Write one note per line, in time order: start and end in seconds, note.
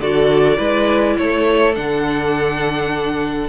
0.00 0.58 D3
0.00 0.58 F#4
0.00 0.58 A4
0.00 1.18 D5
0.58 1.18 G#3
0.58 1.74 E4
0.58 1.16 B4
1.18 1.77 A3
1.18 3.49 A4
1.18 1.75 C#5
1.75 3.49 D3
1.75 3.49 D4
1.75 3.49 F#5